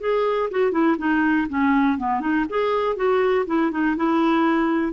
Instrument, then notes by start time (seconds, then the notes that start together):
clarinet
0.00 G#4
0.50 F#4
0.71 E4
0.98 D#4
1.49 C#4
1.98 B3
2.20 D#4
2.49 G#4
2.96 F#4
3.46 E4
3.71 D#4
3.96 E4